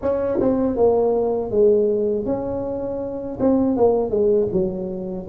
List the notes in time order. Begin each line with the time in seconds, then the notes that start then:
0.01 C#4
0.40 C4
0.76 A#3
1.50 G#3
2.25 C#4
3.40 C4
3.76 A#3
4.10 G#3
4.52 F#3